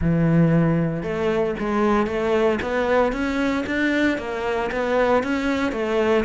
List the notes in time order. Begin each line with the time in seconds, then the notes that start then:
0.01 E3
1.02 A3
1.59 G#3
2.07 A3
2.62 B3
3.12 C#4
3.66 D4
4.18 A#3
4.71 B3
5.23 C#4
5.72 A3